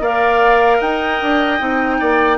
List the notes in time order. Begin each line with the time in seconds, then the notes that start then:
0.00 A#3 A#4 D5 F5
0.77 D#4 D#5 G5
1.22 D4
1.59 C4 D#4
2.00 A#3 D5